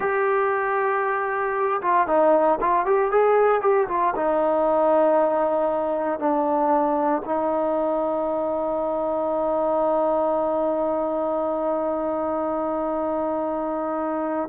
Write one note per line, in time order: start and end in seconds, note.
0.00 1.81 G4
1.81 2.07 F4
2.07 2.59 D#4
2.61 2.85 F4
2.85 3.11 G4
3.11 3.61 G#4
3.61 3.87 G4
3.88 4.14 F4
4.15 6.19 D#4
6.19 7.22 D4
7.25 14.49 D#4